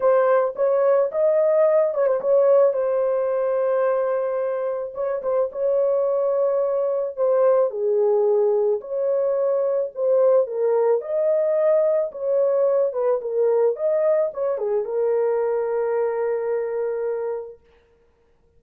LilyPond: \new Staff \with { instrumentName = "horn" } { \time 4/4 \tempo 4 = 109 c''4 cis''4 dis''4. cis''16 c''16 | cis''4 c''2.~ | c''4 cis''8 c''8 cis''2~ | cis''4 c''4 gis'2 |
cis''2 c''4 ais'4 | dis''2 cis''4. b'8 | ais'4 dis''4 cis''8 gis'8 ais'4~ | ais'1 | }